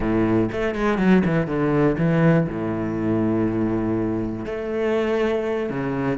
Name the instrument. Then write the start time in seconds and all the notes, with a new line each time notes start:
cello
0.00 A2
0.52 A3
0.74 G#3
0.98 F#3
1.25 E3
1.46 D3
1.98 E3
2.48 A2
4.45 A3
5.69 C#3